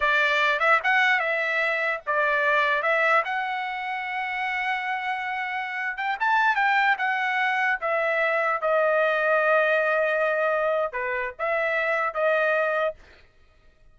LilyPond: \new Staff \with { instrumentName = "trumpet" } { \time 4/4 \tempo 4 = 148 d''4. e''8 fis''4 e''4~ | e''4 d''2 e''4 | fis''1~ | fis''2~ fis''8. g''8 a''8.~ |
a''16 g''4 fis''2 e''8.~ | e''4~ e''16 dis''2~ dis''8.~ | dis''2. b'4 | e''2 dis''2 | }